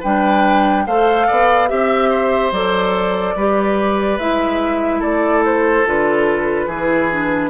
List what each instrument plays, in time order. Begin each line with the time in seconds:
0.00 bassoon G3, clarinet D4, oboe B4, flute G5
0.86 bassoon A3, clarinet A4, oboe C5, flute F5
1.27 bassoon B3, oboe D5
1.68 bassoon C4, clarinet G4, flute E5, oboe E5
2.09 oboe C5
2.51 bassoon F#3, clarinet A4, flute D5
3.35 bassoon G3, clarinet G4, oboe B4
4.18 bassoon G#3, clarinet E4, flute E5
4.99 bassoon A3, oboe A4, flute D5
5.45 flute C5
5.85 bassoon D3, clarinet F4, flute B4
6.66 bassoon E3, clarinet E4, oboe G#4
7.11 clarinet D4